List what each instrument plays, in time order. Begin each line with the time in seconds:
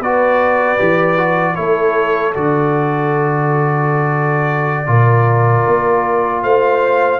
0.00 tuba B3, trombone F#4, horn B4, trumpet D5
0.78 tuba E3, trombone G4
1.17 trombone F#4
1.55 tuba A3, trombone E4, horn A4, trumpet C#5
2.34 tuba D3, trombone F#4, trumpet D5
4.86 tuba A#2, trombone F4, horn A#4
5.67 tuba A#3
6.43 tuba A3, horn C5, trumpet F5